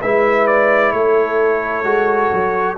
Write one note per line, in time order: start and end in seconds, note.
0.00 0.92 G#3
0.00 1.84 E4
0.00 0.92 B4
0.00 0.47 E5
0.47 0.91 D5
0.91 1.84 A3
0.91 2.78 A4
0.91 2.76 C#5
1.84 2.30 G#3
1.84 2.76 F#4
2.33 2.78 F#3